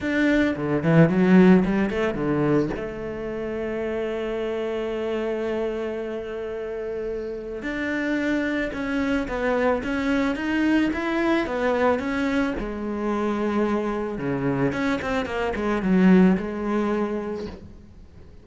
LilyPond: \new Staff \with { instrumentName = "cello" } { \time 4/4 \tempo 4 = 110 d'4 d8 e8 fis4 g8 a8 | d4 a2.~ | a1~ | a2 d'2 |
cis'4 b4 cis'4 dis'4 | e'4 b4 cis'4 gis4~ | gis2 cis4 cis'8 c'8 | ais8 gis8 fis4 gis2 | }